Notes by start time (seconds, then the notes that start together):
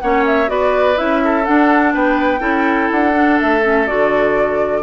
0.00 A#3 C#4 C#5 F#5
0.26 E5
0.46 B3 F#4 B4 D5
0.96 C#4 E4 E5
1.24 A4
1.45 D4 F#5
1.93 B3 B4 G5
2.39 C#4 E4 A4
2.91 D4 F#5
3.13 D4
3.40 A3 E5
3.62 C#4
3.87 D3 F#4 D5